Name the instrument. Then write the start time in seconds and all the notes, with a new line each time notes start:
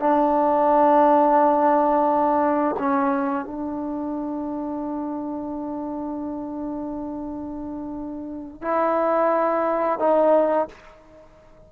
trombone
0.00 D4
2.79 C#4
3.45 D4
8.62 E4
9.99 D#4